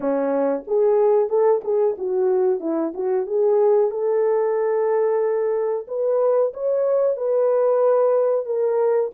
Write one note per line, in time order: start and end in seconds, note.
0.00 0.63 C#4
0.67 1.29 G#4
1.29 1.61 A4
1.64 1.96 G#4
1.97 2.60 F#4
2.60 2.92 E4
2.93 3.26 F#4
3.26 3.90 G#4
3.90 5.86 A4
5.87 6.52 B4
6.53 7.16 C#5
7.16 8.45 B4
8.45 9.11 A#4